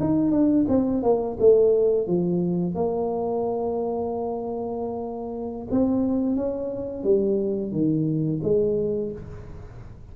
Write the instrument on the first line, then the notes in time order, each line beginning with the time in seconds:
tuba
0.00 D#4
0.31 D4
0.69 C4
1.03 A#3
1.39 A3
2.07 F3
2.75 A#3
5.71 C4
6.36 C#4
7.04 G3
7.72 D#3
8.43 G#3